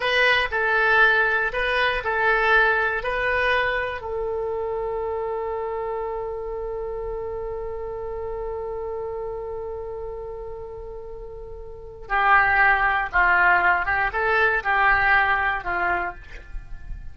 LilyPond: \new Staff \with { instrumentName = "oboe" } { \time 4/4 \tempo 4 = 119 b'4 a'2 b'4 | a'2 b'2 | a'1~ | a'1~ |
a'1~ | a'1 | g'2 f'4. g'8 | a'4 g'2 f'4 | }